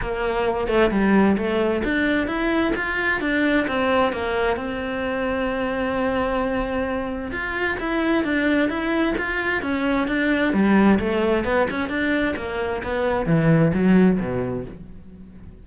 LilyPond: \new Staff \with { instrumentName = "cello" } { \time 4/4 \tempo 4 = 131 ais4. a8 g4 a4 | d'4 e'4 f'4 d'4 | c'4 ais4 c'2~ | c'1 |
f'4 e'4 d'4 e'4 | f'4 cis'4 d'4 g4 | a4 b8 cis'8 d'4 ais4 | b4 e4 fis4 b,4 | }